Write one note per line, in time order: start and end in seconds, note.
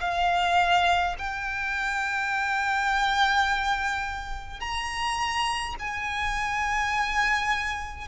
0.00 1.15 F5
1.18 4.59 G5
4.59 5.75 A#5
5.79 8.07 G#5